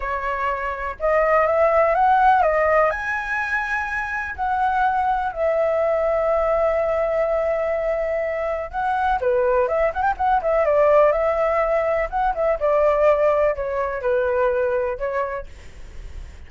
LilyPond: \new Staff \with { instrumentName = "flute" } { \time 4/4 \tempo 4 = 124 cis''2 dis''4 e''4 | fis''4 dis''4 gis''2~ | gis''4 fis''2 e''4~ | e''1~ |
e''2 fis''4 b'4 | e''8 fis''16 g''16 fis''8 e''8 d''4 e''4~ | e''4 fis''8 e''8 d''2 | cis''4 b'2 cis''4 | }